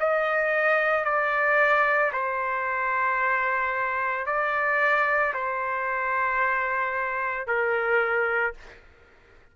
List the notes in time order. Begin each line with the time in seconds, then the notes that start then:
0.00 D#5
1.05 D5
2.13 C5
4.26 D5
5.34 C5
7.47 A#4